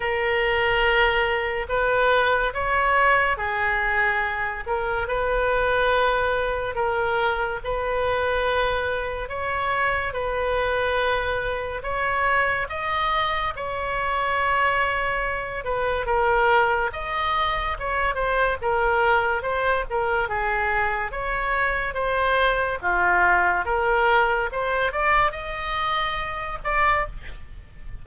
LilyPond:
\new Staff \with { instrumentName = "oboe" } { \time 4/4 \tempo 4 = 71 ais'2 b'4 cis''4 | gis'4. ais'8 b'2 | ais'4 b'2 cis''4 | b'2 cis''4 dis''4 |
cis''2~ cis''8 b'8 ais'4 | dis''4 cis''8 c''8 ais'4 c''8 ais'8 | gis'4 cis''4 c''4 f'4 | ais'4 c''8 d''8 dis''4. d''8 | }